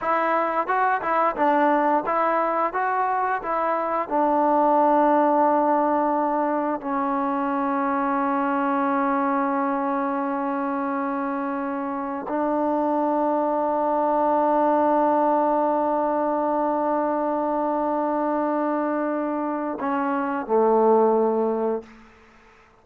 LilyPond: \new Staff \with { instrumentName = "trombone" } { \time 4/4 \tempo 4 = 88 e'4 fis'8 e'8 d'4 e'4 | fis'4 e'4 d'2~ | d'2 cis'2~ | cis'1~ |
cis'2 d'2~ | d'1~ | d'1~ | d'4 cis'4 a2 | }